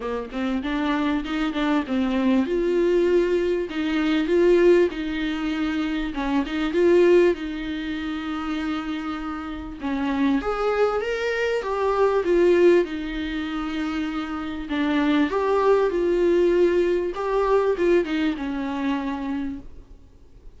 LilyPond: \new Staff \with { instrumentName = "viola" } { \time 4/4 \tempo 4 = 98 ais8 c'8 d'4 dis'8 d'8 c'4 | f'2 dis'4 f'4 | dis'2 cis'8 dis'8 f'4 | dis'1 |
cis'4 gis'4 ais'4 g'4 | f'4 dis'2. | d'4 g'4 f'2 | g'4 f'8 dis'8 cis'2 | }